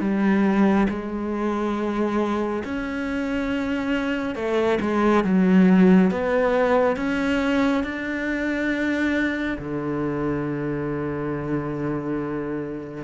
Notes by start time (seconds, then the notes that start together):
0.00 G3
0.89 G#3
2.64 C#4
4.35 A3
4.81 G#3
5.24 F#3
6.10 B3
6.96 C#4
7.83 D4
9.58 D3